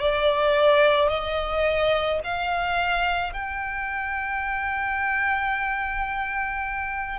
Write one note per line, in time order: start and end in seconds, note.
0.00 1.09 D5
1.09 2.20 D#5
2.24 3.33 F5
3.33 7.19 G5